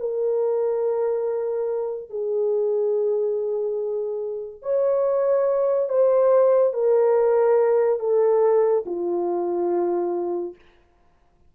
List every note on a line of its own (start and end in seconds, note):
0.00 2.10 A#4
2.10 4.62 G#4
4.62 5.89 C#5
5.89 6.74 C5
6.74 8.00 A#4
8.00 8.85 A4
8.86 10.55 F4